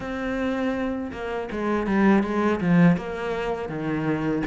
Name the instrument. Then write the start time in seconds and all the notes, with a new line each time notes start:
cello
0.00 C4
1.12 A#3
1.51 G#3
1.87 G3
2.23 G#3
2.60 F3
2.96 A#3
3.68 D#3